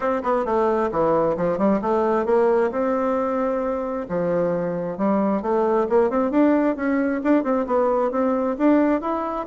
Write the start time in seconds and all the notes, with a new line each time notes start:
0.00 C4
0.22 B3
0.45 A3
0.91 E3
1.36 F3
1.57 G3
1.81 A3
2.25 A#3
2.71 C4
4.08 F3
4.97 G3
5.41 A3
5.89 A#3
6.10 C4
6.31 D4
6.76 C#4
7.23 D4
7.43 C4
7.66 B3
8.11 C4
8.57 D4
9.01 E4